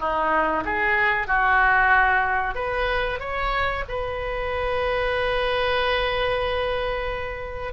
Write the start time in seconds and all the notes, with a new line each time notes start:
0.00 D#4
0.65 G#4
1.28 F#4
2.55 B4
3.20 C#5
3.89 B4